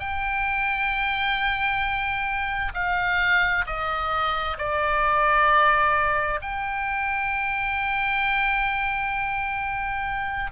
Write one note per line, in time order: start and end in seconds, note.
0.00 2.73 G5
2.74 3.65 F5
3.67 4.57 D#5
4.58 6.40 D5
6.42 10.51 G5